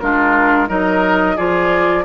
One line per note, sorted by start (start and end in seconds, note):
0.00 0.69 G#3
0.00 0.68 D4
0.00 0.69 F4
0.00 0.68 A#4
0.68 1.37 F#3
0.68 1.36 D#4
0.68 1.36 A#4
0.68 1.37 D#5
1.36 2.05 F3
1.36 2.05 F4
1.36 2.04 G#4
1.36 2.05 D5